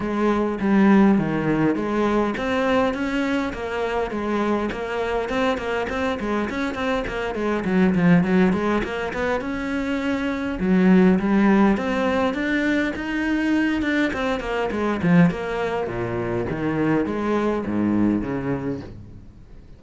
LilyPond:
\new Staff \with { instrumentName = "cello" } { \time 4/4 \tempo 4 = 102 gis4 g4 dis4 gis4 | c'4 cis'4 ais4 gis4 | ais4 c'8 ais8 c'8 gis8 cis'8 c'8 | ais8 gis8 fis8 f8 fis8 gis8 ais8 b8 |
cis'2 fis4 g4 | c'4 d'4 dis'4. d'8 | c'8 ais8 gis8 f8 ais4 ais,4 | dis4 gis4 gis,4 cis4 | }